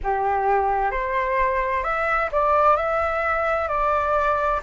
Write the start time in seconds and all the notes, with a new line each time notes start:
0.03 G4
0.91 C5
1.83 E5
2.32 D5
2.76 E5
3.68 D5